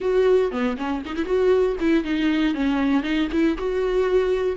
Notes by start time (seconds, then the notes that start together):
0.00 F#4
0.51 B3
0.77 C#4
1.05 D#4
1.16 E4
1.25 F#4
1.80 E4
2.03 D#4
2.54 C#4
3.02 D#4
3.31 E4
3.57 F#4